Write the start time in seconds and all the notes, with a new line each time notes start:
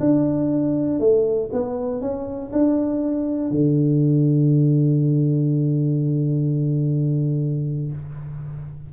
0.00 D4
1.00 A3
1.53 B3
2.01 C#4
2.53 D4
3.51 D3